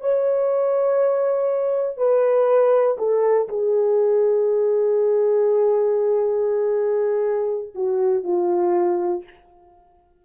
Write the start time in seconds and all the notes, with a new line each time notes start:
0.00 C#5
1.97 B4
2.98 A4
3.48 G#4
7.74 F#4
8.23 F4